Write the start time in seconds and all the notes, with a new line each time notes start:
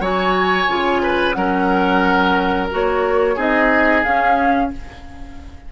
0.00 F#3 F#4 C#5 G#5
0.68 C#3 F4
1.02 B4
1.33 F#3 C#4 A#4 F#5
2.71 A#3 F#4 C#5
3.36 C4 D#4 G#4 D#5
4.04 C#4 F5